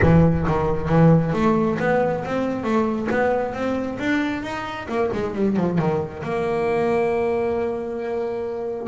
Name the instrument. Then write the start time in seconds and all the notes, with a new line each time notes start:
double bass
0.01 E3
0.47 D#3
0.88 E3
1.33 A3
1.79 B3
2.24 C4
2.63 A3
3.11 B3
3.53 C4
3.99 D4
4.42 D#4
4.88 A#3
5.13 G#3
5.34 G3
5.56 F3
5.78 D#3
6.23 A#3